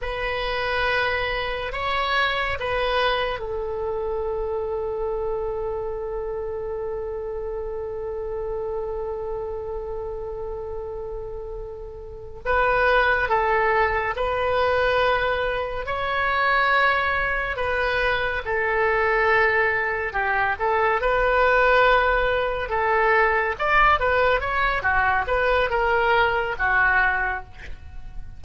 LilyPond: \new Staff \with { instrumentName = "oboe" } { \time 4/4 \tempo 4 = 70 b'2 cis''4 b'4 | a'1~ | a'1~ | a'2~ a'8 b'4 a'8~ |
a'8 b'2 cis''4.~ | cis''8 b'4 a'2 g'8 | a'8 b'2 a'4 d''8 | b'8 cis''8 fis'8 b'8 ais'4 fis'4 | }